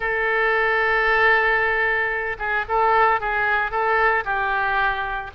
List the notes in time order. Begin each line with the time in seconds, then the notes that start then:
0.00 A4
2.38 G#4
2.68 A4
3.20 G#4
3.71 A4
4.24 G4